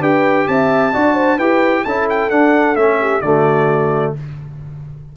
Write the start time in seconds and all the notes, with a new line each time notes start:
0.00 D4 G4 B4 G5
0.48 C4 E5 A5
0.94 D4 F#4 D5
1.15 C5
1.37 E4 G4 B4 G5
1.85 C#4 E4 A4 A5
2.10 G5
2.30 D4 F#5
2.76 A3 C#4 E5
3.01 G4
3.21 D3 A3 F#4 D5